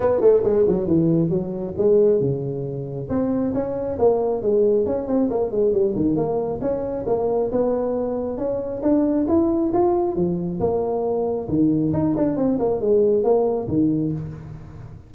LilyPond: \new Staff \with { instrumentName = "tuba" } { \time 4/4 \tempo 4 = 136 b8 a8 gis8 fis8 e4 fis4 | gis4 cis2 c'4 | cis'4 ais4 gis4 cis'8 c'8 | ais8 gis8 g8 dis8 ais4 cis'4 |
ais4 b2 cis'4 | d'4 e'4 f'4 f4 | ais2 dis4 dis'8 d'8 | c'8 ais8 gis4 ais4 dis4 | }